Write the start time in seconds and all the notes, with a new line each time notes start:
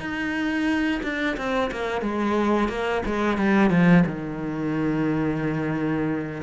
0.00 D#4
1.03 D4
1.37 C4
1.72 A#3
2.02 G#3
2.69 A#3
3.06 G#3
3.38 G3
3.70 F3
4.07 D#3